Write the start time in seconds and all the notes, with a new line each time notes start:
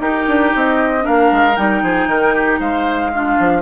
0.00 D#4 G4 A#4
0.28 D4
0.55 C4 D#5
1.01 D4 A#4 F5
1.07 A#3
1.32 G#3
1.57 G3 D#4 G5
1.83 F3 G#4
2.07 D#3 A#4
2.35 G4
2.60 G#3 C5 F5
3.14 D4 F4
3.40 F3